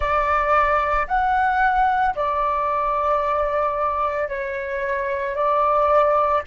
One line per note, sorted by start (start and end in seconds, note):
0.00 1.07 D5
1.07 2.14 F#5
2.15 4.28 D5
4.28 5.35 C#5
5.35 6.42 D5